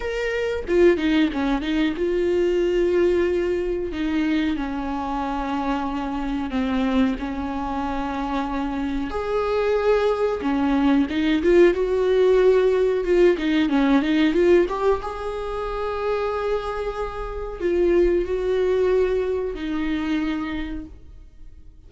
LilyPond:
\new Staff \with { instrumentName = "viola" } { \time 4/4 \tempo 4 = 92 ais'4 f'8 dis'8 cis'8 dis'8 f'4~ | f'2 dis'4 cis'4~ | cis'2 c'4 cis'4~ | cis'2 gis'2 |
cis'4 dis'8 f'8 fis'2 | f'8 dis'8 cis'8 dis'8 f'8 g'8 gis'4~ | gis'2. f'4 | fis'2 dis'2 | }